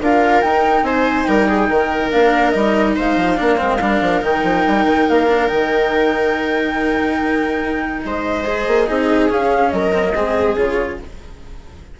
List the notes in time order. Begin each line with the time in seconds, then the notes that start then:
0.00 D4 F4 A#4 F5
0.41 D#4 G5
0.82 C4 C5 G#5
1.24 G3 A#4 G5
1.48 G#4
1.69 D#3 A#4
2.11 A#3 D4 F5
2.50 G3 D#4 D#5
2.96 G#3 C5 F5
3.16 F3
3.36 A#3 D4 A#4
3.57 G#3 C4
3.81 G3 D4
4.01 F3
4.21 D#3 D#4 G5
4.43 F3
4.67 G3
4.85 D#3
5.09 A#3 F5
5.27 D4
5.48 D#3 D#4 G5
8.03 G#3 C5 D#5
8.45 G#4
8.67 A#3
8.87 C4 D#4 G#4
9.29 C#4 F5
9.70 F#3 A#4 D#5
9.93 C4
10.03 A#3
10.14 G#3 C4 G#4
10.56 C#3 F4 C#5